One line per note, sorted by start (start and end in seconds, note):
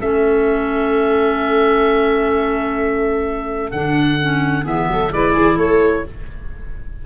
0.00 3.73 A3
0.00 3.72 C#4
0.00 4.63 A4
0.00 3.72 E5
3.72 4.65 D3
3.72 4.19 D4
3.72 4.65 F#5
4.21 4.64 C#4
4.63 4.88 E3
4.63 5.10 B3
4.63 4.86 G#4
4.63 5.13 E5
4.88 5.12 F#3
4.88 5.13 A4
5.12 5.35 G#3
5.12 6.06 E4
5.12 5.33 B4
5.12 5.59 D5
5.33 5.57 E3
5.33 5.57 G#4
5.57 6.03 A3
5.57 6.04 A4
5.57 6.05 C#5